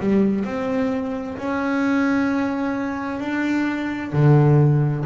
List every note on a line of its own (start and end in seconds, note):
0.00 0.45 G3
0.45 1.37 C4
1.38 3.20 C#4
3.20 4.12 D4
4.13 5.05 D3